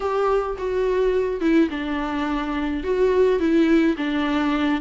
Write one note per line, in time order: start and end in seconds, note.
0.00 0.57 G4
0.58 1.40 F#4
1.40 1.69 E4
1.70 2.83 D4
2.83 3.39 F#4
3.39 3.96 E4
3.97 4.81 D4